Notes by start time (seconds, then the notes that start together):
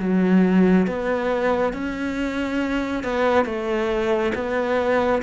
0.00 F#3
0.87 B3
1.74 C#4
3.04 B3
3.46 A3
4.35 B3